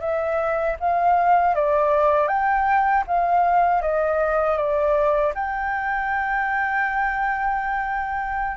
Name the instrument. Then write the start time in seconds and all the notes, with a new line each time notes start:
flute
0.00 E5
0.80 F5
1.55 D5
2.28 G5
3.07 F5
3.81 D#5
4.57 D5
5.34 G5